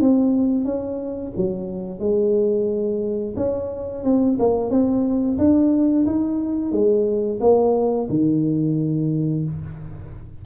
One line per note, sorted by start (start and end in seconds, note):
0.00 0.65 C4
0.65 1.32 C#4
1.36 1.99 F#3
1.99 3.34 G#3
3.36 4.04 C#4
4.04 4.38 C4
4.39 4.70 A#3
4.70 5.37 C4
5.38 6.06 D4
6.06 6.71 D#4
6.71 7.39 G#3
7.40 8.08 A#3
8.09 9.44 D#3